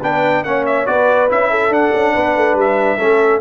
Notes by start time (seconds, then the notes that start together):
0.00 B3 D4 B4 G5
0.43 A#3 C#4 C#5 F#5
0.65 E5
0.85 B3 F#4 B4 D5
1.28 C#4 E4 E5
1.50 A4
1.68 D4 F#5
1.93 C#4
2.14 B3 B4
2.35 A3
2.54 G3
2.60 E5
2.97 A3 C#4 A4